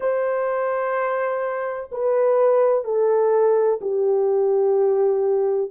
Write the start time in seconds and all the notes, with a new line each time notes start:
0.00 C5
1.91 B4
2.84 A4
3.81 G4